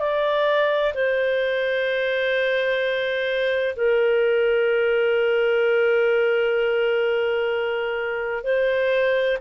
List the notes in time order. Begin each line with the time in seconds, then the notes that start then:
0.00 D5
0.95 C5
3.76 A#4
8.44 C5